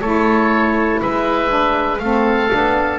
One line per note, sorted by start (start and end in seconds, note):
0.00 1.01 A3
0.00 1.48 E4
0.00 1.01 A4
0.00 1.00 C#5
1.01 2.00 G#3
1.01 2.01 B4
1.01 1.98 E5
1.48 1.97 D4
1.98 2.50 A3
1.98 2.50 C4
1.98 2.99 A4
1.98 2.98 F5
2.50 2.99 B3
2.50 2.99 D4